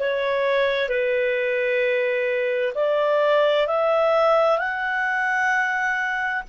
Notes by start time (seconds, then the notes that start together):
0.00 C#5
0.89 B4
2.75 D5
3.68 E5
4.59 F#5